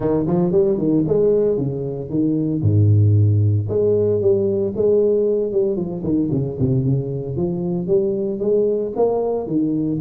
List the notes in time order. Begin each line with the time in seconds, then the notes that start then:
0.00 D#3
0.26 F3
0.51 G3
0.78 D#3
1.07 G#3
1.57 C#3
2.09 D#3
2.61 G#2
3.68 G#3
4.21 G3
4.75 G#3
5.52 G3
5.76 F3
6.03 D#3
6.31 C#3
6.59 C3
6.85 C#3
7.36 F3
7.87 G3
8.39 G#3
8.96 A#3
9.46 D#3